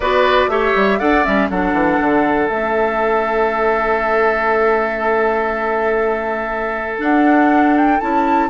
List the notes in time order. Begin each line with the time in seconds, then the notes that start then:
0.00 B3 F#4 B4 D5
0.47 A3 G4 C#5 E5
0.75 G3
0.98 D4 A4 D5 F#5
1.24 G3 C#4 E5
1.50 F#3 D4 A4 F#5
1.73 E3
2.00 D3
2.48 A3 C#4 E5
6.98 D4 F#5
7.77 G5
8.00 C#4 E4 A5